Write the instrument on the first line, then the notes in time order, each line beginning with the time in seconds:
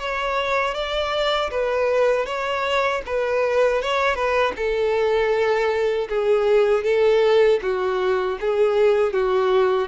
violin
0.00 C#5
0.74 D5
1.51 B4
2.26 C#5
3.06 B4
3.82 C#5
4.15 B4
4.56 A4
6.09 G#4
6.84 A4
7.62 F#4
8.41 G#4
9.13 F#4